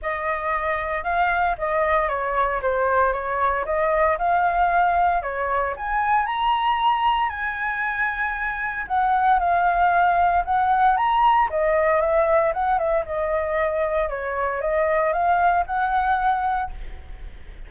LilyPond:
\new Staff \with { instrumentName = "flute" } { \time 4/4 \tempo 4 = 115 dis''2 f''4 dis''4 | cis''4 c''4 cis''4 dis''4 | f''2 cis''4 gis''4 | ais''2 gis''2~ |
gis''4 fis''4 f''2 | fis''4 ais''4 dis''4 e''4 | fis''8 e''8 dis''2 cis''4 | dis''4 f''4 fis''2 | }